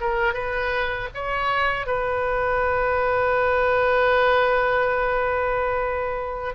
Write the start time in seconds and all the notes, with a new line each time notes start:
0.00 A#4
0.34 B4
1.15 C#5
1.86 B4